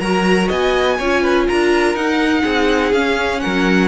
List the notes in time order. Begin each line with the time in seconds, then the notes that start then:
0.00 F#3 F#4 A#4 A#5
0.48 B3 D#5 G#5
0.99 C#4 F4 C#5
1.22 B4
1.48 D4 A#4 A#5
1.95 D#4 F#5
2.42 C4 G#4
2.93 C#4 F5
3.40 F#3 A#4 F#5